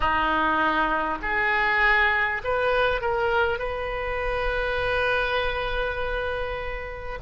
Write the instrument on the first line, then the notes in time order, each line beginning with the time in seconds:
oboe
0.00 D#4
1.22 G#4
2.43 B4
3.01 A#4
3.58 B4